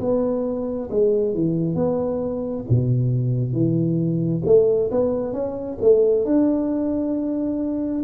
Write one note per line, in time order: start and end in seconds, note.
0.00 0.90 B3
0.90 1.34 G#3
1.34 1.75 E3
1.75 2.65 B3
2.69 3.53 B2
3.53 4.42 E3
4.46 4.91 A3
4.91 5.33 B3
5.33 5.78 C#4
5.81 6.25 A3
6.25 8.04 D4